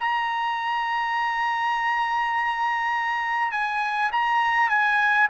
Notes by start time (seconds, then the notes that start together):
0.00 A#5
3.52 G#5
4.12 A#5
4.70 G#5